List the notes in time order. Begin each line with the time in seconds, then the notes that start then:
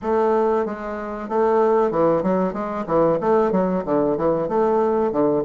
0.02 A3
0.65 G#3
1.29 A3
1.91 E3
2.22 F#3
2.53 G#3
2.86 E3
3.20 A3
3.51 F#3
3.85 D3
4.17 E3
4.48 A3
5.12 D3